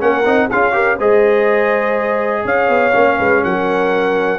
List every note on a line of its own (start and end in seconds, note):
0.00 0.26 A#3
0.00 0.24 C#4
0.00 0.48 A#4
0.00 0.50 F#5
0.26 0.51 C4
0.26 0.50 D#4
0.48 0.99 C#4
0.48 0.73 F4
0.48 0.72 G#4
0.48 0.99 F5
0.73 0.97 G4
0.73 0.97 A#4
0.97 2.45 G#3
0.97 2.93 G#4
0.97 2.43 C5
0.97 2.47 D#5
2.45 2.69 C#4
2.45 3.17 C#5
2.45 3.44 F5
2.69 2.94 B3
2.93 3.20 A#3
2.93 4.39 C#4
3.17 3.44 G#3
3.17 3.42 B4
3.44 4.39 F#3
3.44 4.39 A#4
3.44 4.39 F#5